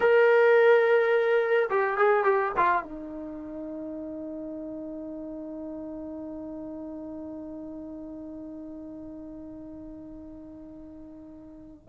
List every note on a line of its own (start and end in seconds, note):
0.00 1.69 A#4
1.70 1.97 G4
1.97 2.24 G#4
2.24 2.52 G4
2.57 2.83 F4
2.83 11.88 D#4